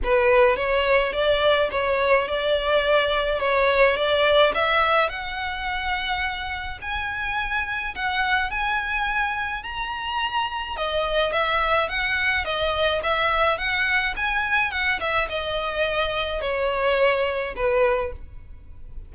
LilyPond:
\new Staff \with { instrumentName = "violin" } { \time 4/4 \tempo 4 = 106 b'4 cis''4 d''4 cis''4 | d''2 cis''4 d''4 | e''4 fis''2. | gis''2 fis''4 gis''4~ |
gis''4 ais''2 dis''4 | e''4 fis''4 dis''4 e''4 | fis''4 gis''4 fis''8 e''8 dis''4~ | dis''4 cis''2 b'4 | }